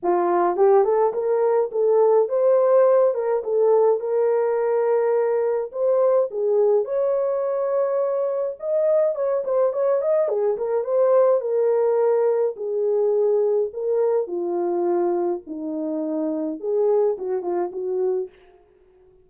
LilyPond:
\new Staff \with { instrumentName = "horn" } { \time 4/4 \tempo 4 = 105 f'4 g'8 a'8 ais'4 a'4 | c''4. ais'8 a'4 ais'4~ | ais'2 c''4 gis'4 | cis''2. dis''4 |
cis''8 c''8 cis''8 dis''8 gis'8 ais'8 c''4 | ais'2 gis'2 | ais'4 f'2 dis'4~ | dis'4 gis'4 fis'8 f'8 fis'4 | }